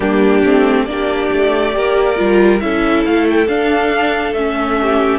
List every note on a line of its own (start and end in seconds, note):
0.00 0.42 G3
0.00 0.43 A#3
0.00 0.86 D4
0.00 0.85 G4
0.43 0.86 A3
0.43 0.87 C4
0.85 1.30 A#3
0.85 1.72 D4
0.85 1.75 G4
0.85 2.59 D5
1.32 1.76 A3
1.72 2.19 A#3
1.72 2.15 G4
1.72 2.62 A#4
2.16 2.62 G3
2.16 2.59 F4
2.60 3.05 C#4
2.60 3.47 E4
2.60 4.80 A4
2.60 3.03 E5
3.05 3.47 A3
3.05 3.27 F5
3.30 3.47 G5
3.47 4.33 D4
3.47 4.35 D4
3.47 4.34 F5
4.33 5.19 A3
4.33 5.19 C#4
4.33 5.19 E5
4.82 5.19 G4